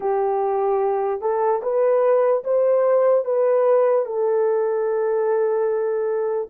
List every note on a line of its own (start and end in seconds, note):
0.00 1.21 G4
1.21 1.61 A4
1.62 2.43 B4
2.44 3.24 C5
3.24 4.05 B4
4.05 6.49 A4